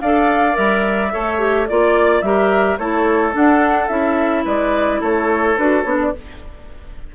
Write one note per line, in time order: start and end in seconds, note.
0.00 0.57 D4
0.00 0.53 A4
0.00 1.12 D5
0.00 0.55 F5
0.53 1.13 G3
0.53 1.08 A#4
0.53 1.67 E5
1.11 1.69 A3
1.11 1.38 A4
1.11 1.68 C#5
1.38 1.66 G4
1.67 2.22 A#3
1.67 2.23 F4
1.67 2.21 D5
1.67 2.24 D5
2.21 2.77 G3
2.21 2.79 G4
2.21 2.79 A#4
2.21 2.77 E5
2.78 3.34 A3
2.78 3.32 E4
2.78 4.44 A4
2.78 3.33 C#5
3.32 3.87 D4
3.32 3.89 D4
3.32 3.88 F#5
3.88 4.45 C#4
3.88 5.56 E4
3.88 4.43 E5
4.44 5.01 G#3
4.44 5.00 B4
4.44 5.02 D5
5.00 5.57 A3
5.00 6.11 A4
5.00 5.57 C#5
5.57 5.84 D4
5.57 5.85 F#4
5.57 5.82 B4
5.82 6.12 B3
5.82 6.13 D4
5.82 5.96 C#5
6.01 6.15 D5